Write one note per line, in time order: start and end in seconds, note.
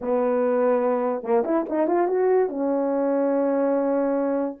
0.01 1.23 B3
1.23 1.44 A#3
1.44 1.65 E4
1.69 1.87 D#4
1.87 2.07 F4
2.07 2.49 F#4
2.49 4.57 C#4